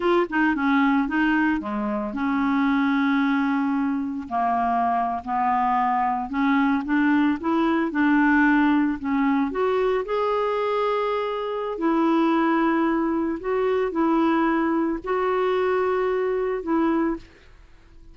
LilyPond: \new Staff \with { instrumentName = "clarinet" } { \time 4/4 \tempo 4 = 112 f'8 dis'8 cis'4 dis'4 gis4 | cis'1 | ais4.~ ais16 b2 cis'16~ | cis'8. d'4 e'4 d'4~ d'16~ |
d'8. cis'4 fis'4 gis'4~ gis'16~ | gis'2 e'2~ | e'4 fis'4 e'2 | fis'2. e'4 | }